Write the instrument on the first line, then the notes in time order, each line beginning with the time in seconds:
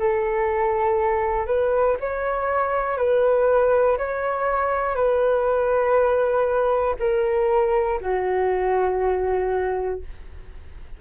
flute
0.00 A4
1.47 B4
2.00 C#5
2.98 B4
3.98 C#5
4.96 B4
7.00 A#4
8.01 F#4